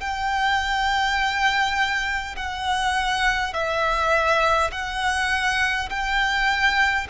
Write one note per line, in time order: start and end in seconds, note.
0.00 2.35 G5
2.36 3.53 F#5
3.53 4.71 E5
4.72 5.89 F#5
5.89 7.07 G5